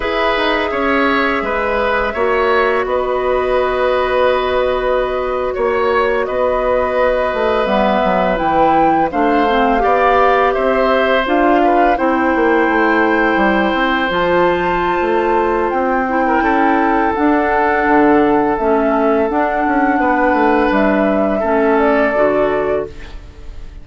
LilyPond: <<
  \new Staff \with { instrumentName = "flute" } { \time 4/4 \tempo 4 = 84 e''1 | dis''2.~ dis''8. cis''16~ | cis''8. dis''2 e''4 g''16~ | g''8. f''2 e''4 f''16~ |
f''8. g''2. a''16~ | a''2 g''2 | fis''2 e''4 fis''4~ | fis''4 e''4. d''4. | }
  \new Staff \with { instrumentName = "oboe" } { \time 4/4 b'4 cis''4 b'4 cis''4 | b'2.~ b'8. cis''16~ | cis''8. b'2.~ b'16~ | b'8. c''4 d''4 c''4~ c''16~ |
c''16 b'8 c''2.~ c''16~ | c''2~ c''8. ais'16 a'4~ | a'1 | b'2 a'2 | }
  \new Staff \with { instrumentName = "clarinet" } { \time 4/4 gis'2. fis'4~ | fis'1~ | fis'2~ fis'8. b4 e'16~ | e'8. d'8 c'8 g'2 f'16~ |
f'8. e'2. f'16~ | f'2~ f'8 e'4. | d'2 cis'4 d'4~ | d'2 cis'4 fis'4 | }
  \new Staff \with { instrumentName = "bassoon" } { \time 4/4 e'8 dis'8 cis'4 gis4 ais4 | b2.~ b8. ais16~ | ais8. b4. a8 g8 fis8 e16~ | e8. a4 b4 c'4 d'16~ |
d'8. c'8 ais8 a4 g8 c'8 f16~ | f4 a4 c'4 cis'4 | d'4 d4 a4 d'8 cis'8 | b8 a8 g4 a4 d4 | }
>>